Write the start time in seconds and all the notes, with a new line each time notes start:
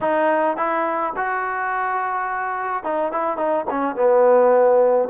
0.01 D#4
0.56 E4
1.16 F#4
2.83 D#4
3.12 E4
3.37 D#4
3.70 C#4
3.95 B3